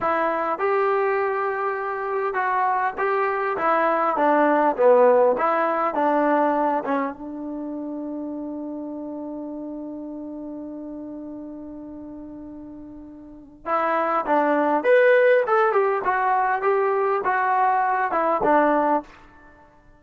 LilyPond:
\new Staff \with { instrumentName = "trombone" } { \time 4/4 \tempo 4 = 101 e'4 g'2. | fis'4 g'4 e'4 d'4 | b4 e'4 d'4. cis'8 | d'1~ |
d'1~ | d'2. e'4 | d'4 b'4 a'8 g'8 fis'4 | g'4 fis'4. e'8 d'4 | }